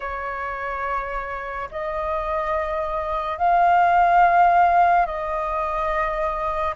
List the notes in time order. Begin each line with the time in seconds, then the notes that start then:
0.00 C#5
1.71 D#5
3.38 F5
5.06 D#5